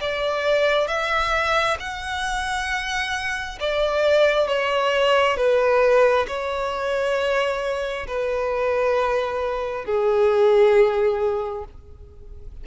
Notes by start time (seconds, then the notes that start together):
0.00 D5
0.87 E5
1.79 F#5
3.60 D5
4.47 C#5
5.36 B4
6.27 C#5
8.07 B4
9.85 G#4